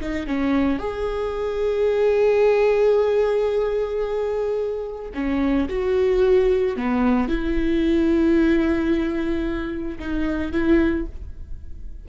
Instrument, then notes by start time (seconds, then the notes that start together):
viola
0.00 D#4
0.27 C#4
0.79 G#4
5.14 C#4
5.69 F#4
6.76 B3
7.28 E4
9.99 D#4
10.52 E4